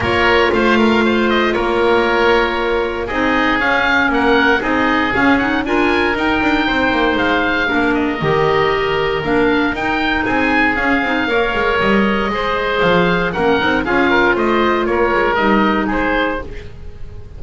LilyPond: <<
  \new Staff \with { instrumentName = "oboe" } { \time 4/4 \tempo 4 = 117 cis''4 f''4. dis''8 cis''4~ | cis''2 dis''4 f''4 | fis''4 dis''4 f''8 fis''8 gis''4 | g''2 f''4. dis''8~ |
dis''2 f''4 g''4 | gis''4 f''2 dis''4~ | dis''4 f''4 fis''4 f''4 | dis''4 cis''4 dis''4 c''4 | }
  \new Staff \with { instrumentName = "oboe" } { \time 4/4 ais'4 c''8 ais'8 c''4 ais'4~ | ais'2 gis'2 | ais'4 gis'2 ais'4~ | ais'4 c''2 ais'4~ |
ais'1 | gis'2 cis''2 | c''2 ais'4 gis'8 ais'8 | c''4 ais'2 gis'4 | }
  \new Staff \with { instrumentName = "clarinet" } { \time 4/4 f'1~ | f'2 dis'4 cis'4~ | cis'4 dis'4 cis'8 dis'8 f'4 | dis'2. d'4 |
g'2 d'4 dis'4~ | dis'4 cis'8 dis'8 ais'2 | gis'2 cis'8 dis'8 f'4~ | f'2 dis'2 | }
  \new Staff \with { instrumentName = "double bass" } { \time 4/4 ais4 a2 ais4~ | ais2 c'4 cis'4 | ais4 c'4 cis'4 d'4 | dis'8 d'8 c'8 ais8 gis4 ais4 |
dis2 ais4 dis'4 | c'4 cis'8 c'8 ais8 gis8 g4 | gis4 f4 ais8 c'8 cis'4 | a4 ais8 gis8 g4 gis4 | }
>>